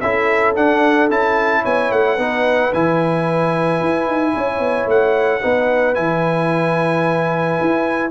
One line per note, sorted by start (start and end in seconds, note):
0.00 0.56 C#4
0.00 0.56 E4
0.00 1.62 A4
0.00 0.54 E5
0.56 1.10 D4
0.56 1.10 F#5
1.10 1.64 C#4
1.10 2.18 E4
1.10 1.65 A5
1.62 1.91 B3
1.62 2.15 C#5
1.62 1.92 G#5
1.91 2.18 A3
1.91 2.73 F#5
2.15 2.72 B3
2.15 2.73 D#4
2.15 4.31 B4
2.73 3.81 E3
2.73 5.41 E4
2.73 4.89 G#5
3.81 4.07 E4
4.07 4.34 D#4
4.34 4.59 C#4
4.34 5.41 C#5
4.59 4.86 B3
4.86 5.40 A3
4.86 5.94 F#5
5.41 5.97 B3
5.41 5.95 D#4
5.41 8.11 B4
5.94 7.59 E3
5.94 8.11 E4
5.94 8.11 G#5
7.61 8.11 E4